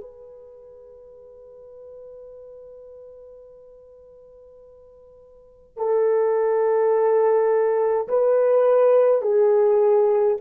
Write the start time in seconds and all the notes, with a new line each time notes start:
0.00 B4
5.77 A4
8.08 B4
9.22 G#4